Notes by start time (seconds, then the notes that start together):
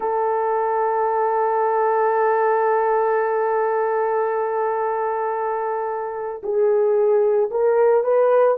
0.00 A4
6.43 G#4
7.50 A#4
8.04 B4